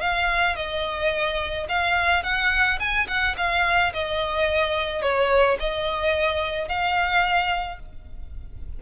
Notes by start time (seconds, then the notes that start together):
0.00 F5
0.56 D#5
1.69 F5
2.23 F#5
2.79 G#5
3.07 F#5
3.37 F5
3.93 D#5
5.02 C#5
5.59 D#5
6.68 F5